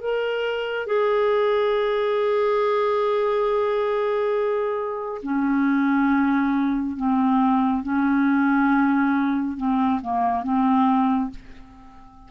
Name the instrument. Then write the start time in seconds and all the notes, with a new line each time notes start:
clarinet
0.00 A#4
0.87 G#4
5.23 C#4
6.96 C4
7.83 C#4
9.57 C4
10.02 A#3
10.43 C4